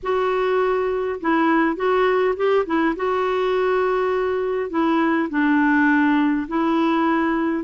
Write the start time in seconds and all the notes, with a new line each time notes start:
0.02 F#4
1.20 E4
1.76 F#4
2.36 G4
2.66 E4
2.95 F#4
4.70 E4
5.29 D4
6.48 E4